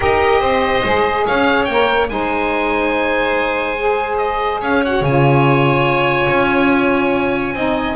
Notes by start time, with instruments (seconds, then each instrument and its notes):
0.00 double bass D#4, saxophone G4, violin A#4, oboe D#5
0.40 double bass C4, violin C5
0.83 double bass G#3, saxophone G#4
1.25 double bass C#4, violin C#5, oboe F5
1.64 double bass A#3, oboe G5
1.71 saxophone A#4
2.08 double bass G#3, saxophone D#4, violin C5, oboe G#5
3.78 saxophone G#4
4.17 oboe D#5
4.60 double bass C#4, violin C#5, oboe F5
4.84 saxophone F#4, oboe F#5
5.01 double bass C#3, saxophone F4, oboe G#5
6.29 double bass C#4
7.54 double bass C4, saxophone D#4, violin D#5